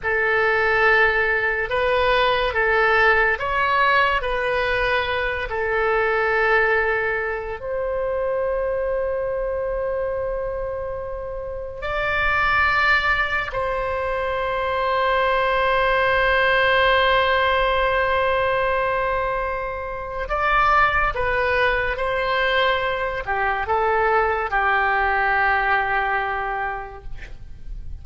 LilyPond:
\new Staff \with { instrumentName = "oboe" } { \time 4/4 \tempo 4 = 71 a'2 b'4 a'4 | cis''4 b'4. a'4.~ | a'4 c''2.~ | c''2 d''2 |
c''1~ | c''1 | d''4 b'4 c''4. g'8 | a'4 g'2. | }